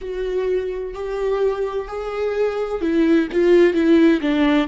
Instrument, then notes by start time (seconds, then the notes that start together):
viola
0.01 F#4
0.94 G4
1.87 G#4
2.81 E4
3.32 F4
3.73 E4
4.21 D4